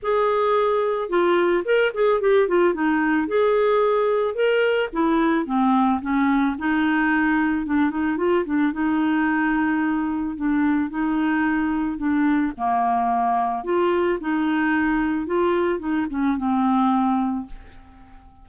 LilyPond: \new Staff \with { instrumentName = "clarinet" } { \time 4/4 \tempo 4 = 110 gis'2 f'4 ais'8 gis'8 | g'8 f'8 dis'4 gis'2 | ais'4 e'4 c'4 cis'4 | dis'2 d'8 dis'8 f'8 d'8 |
dis'2. d'4 | dis'2 d'4 ais4~ | ais4 f'4 dis'2 | f'4 dis'8 cis'8 c'2 | }